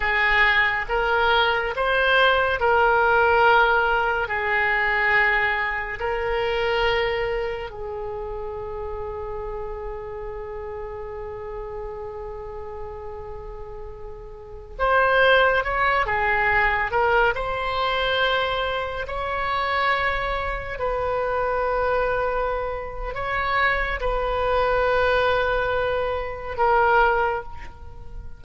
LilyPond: \new Staff \with { instrumentName = "oboe" } { \time 4/4 \tempo 4 = 70 gis'4 ais'4 c''4 ais'4~ | ais'4 gis'2 ais'4~ | ais'4 gis'2.~ | gis'1~ |
gis'4~ gis'16 c''4 cis''8 gis'4 ais'16~ | ais'16 c''2 cis''4.~ cis''16~ | cis''16 b'2~ b'8. cis''4 | b'2. ais'4 | }